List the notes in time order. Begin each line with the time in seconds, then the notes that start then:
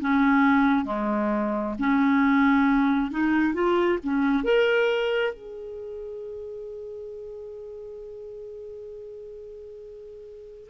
0.00 C#4
0.85 G#3
1.79 C#4
3.11 D#4
3.53 F4
4.03 C#4
4.43 A#4
5.33 G#4